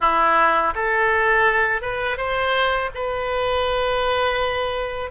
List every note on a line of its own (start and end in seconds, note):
0.00 0.74 E4
0.75 1.81 A4
1.81 2.17 B4
2.17 2.90 C5
2.94 5.10 B4